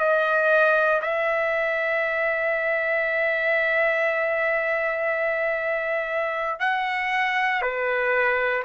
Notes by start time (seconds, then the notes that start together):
0.00 D#5
1.03 E5
6.61 F#5
7.62 B4